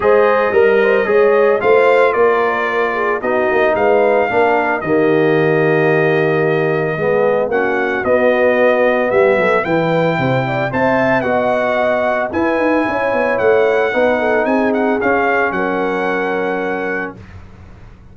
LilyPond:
<<
  \new Staff \with { instrumentName = "trumpet" } { \time 4/4 \tempo 4 = 112 dis''2. f''4 | d''2 dis''4 f''4~ | f''4 dis''2.~ | dis''2 fis''4 dis''4~ |
dis''4 e''4 g''2 | a''4 fis''2 gis''4~ | gis''4 fis''2 gis''8 fis''8 | f''4 fis''2. | }
  \new Staff \with { instrumentName = "horn" } { \time 4/4 c''4 ais'8 c''8 cis''4 c''4 | ais'4. gis'8 fis'4 b'4 | ais'4 g'2.~ | g'4 gis'4 fis'2~ |
fis'4 g'8 a'8 b'4 c''8 d''8 | e''4 dis''2 b'4 | cis''2 b'8 a'8 gis'4~ | gis'4 ais'2. | }
  \new Staff \with { instrumentName = "trombone" } { \time 4/4 gis'4 ais'4 gis'4 f'4~ | f'2 dis'2 | d'4 ais2.~ | ais4 b4 cis'4 b4~ |
b2 e'2 | c''4 fis'2 e'4~ | e'2 dis'2 | cis'1 | }
  \new Staff \with { instrumentName = "tuba" } { \time 4/4 gis4 g4 gis4 a4 | ais2 b8 ais8 gis4 | ais4 dis2.~ | dis4 gis4 ais4 b4~ |
b4 g8 fis8 e4 c4 | c'4 b2 e'8 dis'8 | cis'8 b8 a4 b4 c'4 | cis'4 fis2. | }
>>